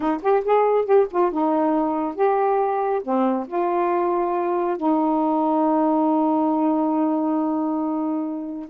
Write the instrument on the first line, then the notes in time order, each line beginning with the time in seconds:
saxophone
0.00 D#4
0.22 G4
0.44 G#4
0.85 G4
1.10 F4
1.31 D#4
2.15 G4
3.03 C4
3.47 F4
4.77 D#4